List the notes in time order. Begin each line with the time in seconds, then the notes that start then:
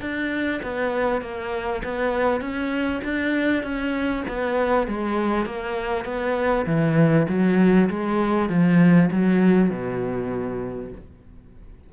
0.00 D4
0.63 B3
1.21 A#3
1.84 B3
2.40 C#4
3.04 D4
3.63 C#4
4.28 B3
4.87 G#3
5.45 A#3
6.05 B3
6.66 E3
7.28 F#3
7.89 G#3
8.49 F3
9.11 F#3
9.70 B2